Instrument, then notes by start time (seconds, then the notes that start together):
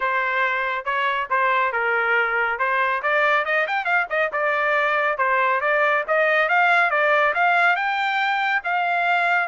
trumpet
0.00 C5
0.84 C#5
1.29 C5
1.72 A#4
2.59 C5
3.02 D5
3.45 D#5
3.67 G5
3.84 F5
4.09 D#5
4.32 D5
5.17 C5
5.60 D5
6.07 D#5
6.48 F5
6.90 D5
7.34 F5
7.75 G5
8.64 F5